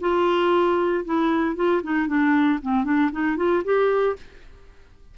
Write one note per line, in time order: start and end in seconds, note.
0.00 1.04 F4
1.05 1.56 E4
1.56 1.82 F4
1.83 2.07 D#4
2.07 2.59 D4
2.62 2.84 C4
2.84 3.10 D4
3.11 3.37 D#4
3.37 3.63 F4
3.64 4.16 G4